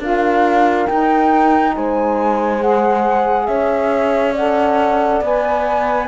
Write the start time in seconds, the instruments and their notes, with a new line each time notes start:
0.00 cello D4, saxophone F4, horn A#4, flute F5
0.87 saxophone D#4, cello D#4, flute G5
1.75 cello G#3, horn C5, flute G#5
2.61 saxophone G#4, flute F#5
3.47 cello C#4, horn C#5, flute E5
4.34 saxophone A4, horn D5, flute F#5
5.21 cello B3, saxophone B4, flute G#5